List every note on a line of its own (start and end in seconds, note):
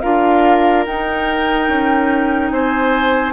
0.00 0.86 D4
0.00 0.85 F4
0.00 2.52 A#4
0.00 0.83 F5
0.86 1.68 D#4
0.86 3.33 D#4
0.86 2.52 G5
1.68 2.51 C#4
2.51 3.33 C4
2.51 3.33 C5
2.51 3.33 G#5